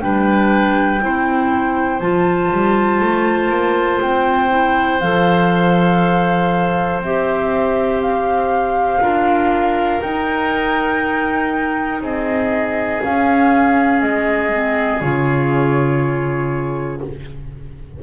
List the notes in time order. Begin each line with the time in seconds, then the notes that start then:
0.00 G3 D4 B4 G5
1.00 C4 E4 C5
2.00 F3 F4 A5
2.51 G3
3.01 A3
3.50 A#3
4.01 C4 G5
4.49 E4
5.00 F3 A4 F5
6.99 C4 G4 E5
8.01 F5
9.01 D4 F4 A#4
10.01 D#4 G5
12.01 C4 G#4 D#5
13.02 C#4 F5
14.01 G#3 D#5
14.51 C4
15.01 C#3 F4 C#5